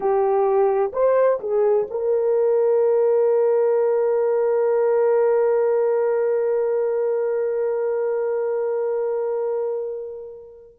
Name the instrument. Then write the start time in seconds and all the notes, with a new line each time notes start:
horn
0.00 G4
0.92 C5
1.40 G#4
1.90 A#4